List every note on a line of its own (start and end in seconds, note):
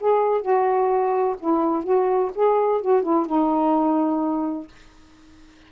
0.00 0.41 G#4
0.41 1.36 F#4
1.39 1.84 E4
1.84 2.31 F#4
2.35 2.81 G#4
2.81 3.02 F#4
3.02 3.26 E4
3.26 4.68 D#4